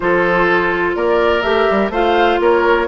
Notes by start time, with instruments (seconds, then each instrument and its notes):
0.00 bassoon F3, clarinet F4, oboe A4, flute C5
0.95 bassoon A#3, oboe A#4, flute D5
1.42 bassoon A3, clarinet G4, flute E5
1.70 bassoon G3
1.89 bassoon A3, clarinet F4, oboe C5, flute F5
2.40 bassoon A#3, oboe A#4, flute C#5